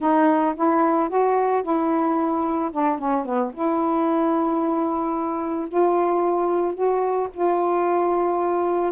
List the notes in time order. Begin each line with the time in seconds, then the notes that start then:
0.00 D#4
0.56 E4
1.09 F#4
1.62 E4
2.71 D4
2.98 C#4
3.25 B3
3.53 E4
5.68 F4
6.74 F#4
7.33 F4